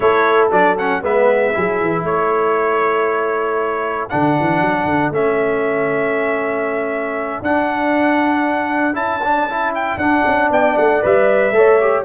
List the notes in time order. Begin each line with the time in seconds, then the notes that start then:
0.00 A3 E4 A4 C#5
0.51 F#3 D4 D5
0.77 C#4 F#5
1.02 G#3 B3 B4 E5
1.53 F#3 E4 G#4
1.81 E3
2.03 A3 A4 C#5
4.09 D3 D4 F#5
4.40 E3
4.61 F#3
4.84 D3
5.10 A3 C#4 E5
7.41 D4 F#5
8.93 C#4 E4 A5
9.23 D4
9.49 E4
9.74 G5
9.96 D4 F#5
10.26 C#4
10.50 B3 D5 G5
10.77 A3 F#5
11.01 G3 B4 E5
11.51 A3 A4 C#5
11.80 G4